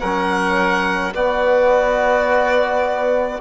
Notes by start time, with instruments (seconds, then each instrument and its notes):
0.00 bassoon F#3, trombone C#4, oboe A#4, violin F#5
1.13 trombone B3, bassoon B3, oboe F#4, violin D5